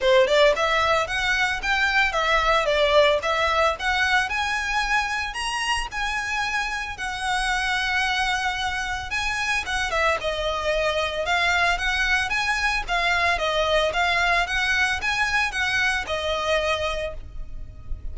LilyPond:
\new Staff \with { instrumentName = "violin" } { \time 4/4 \tempo 4 = 112 c''8 d''8 e''4 fis''4 g''4 | e''4 d''4 e''4 fis''4 | gis''2 ais''4 gis''4~ | gis''4 fis''2.~ |
fis''4 gis''4 fis''8 e''8 dis''4~ | dis''4 f''4 fis''4 gis''4 | f''4 dis''4 f''4 fis''4 | gis''4 fis''4 dis''2 | }